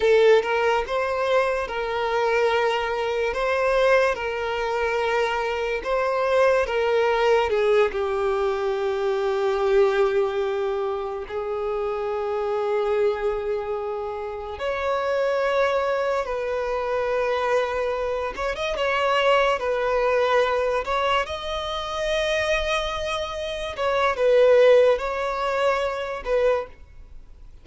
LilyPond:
\new Staff \with { instrumentName = "violin" } { \time 4/4 \tempo 4 = 72 a'8 ais'8 c''4 ais'2 | c''4 ais'2 c''4 | ais'4 gis'8 g'2~ g'8~ | g'4. gis'2~ gis'8~ |
gis'4. cis''2 b'8~ | b'2 cis''16 dis''16 cis''4 b'8~ | b'4 cis''8 dis''2~ dis''8~ | dis''8 cis''8 b'4 cis''4. b'8 | }